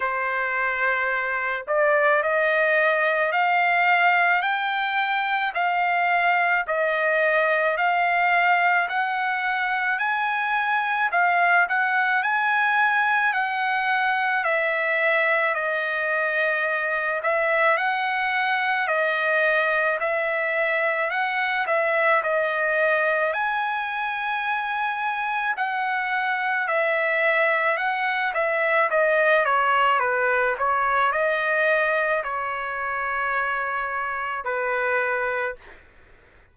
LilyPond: \new Staff \with { instrumentName = "trumpet" } { \time 4/4 \tempo 4 = 54 c''4. d''8 dis''4 f''4 | g''4 f''4 dis''4 f''4 | fis''4 gis''4 f''8 fis''8 gis''4 | fis''4 e''4 dis''4. e''8 |
fis''4 dis''4 e''4 fis''8 e''8 | dis''4 gis''2 fis''4 | e''4 fis''8 e''8 dis''8 cis''8 b'8 cis''8 | dis''4 cis''2 b'4 | }